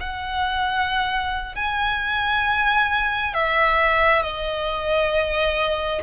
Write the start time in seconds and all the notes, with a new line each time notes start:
0.00 F#5
1.55 G#5
3.33 E5
4.22 D#5